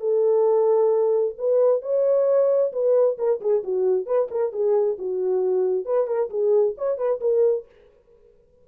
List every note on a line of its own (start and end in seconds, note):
0.00 1.35 A4
1.38 1.82 B4
1.82 2.72 C#5
2.73 3.18 B4
3.18 3.41 A#4
3.41 3.64 G#4
3.64 4.06 F#4
4.06 4.29 B4
4.31 4.52 A#4
4.52 4.97 G#4
4.98 5.85 F#4
5.85 6.07 B4
6.07 6.30 A#4
6.30 6.75 G#4
6.78 6.98 C#5
6.98 7.20 B4
7.21 7.66 A#4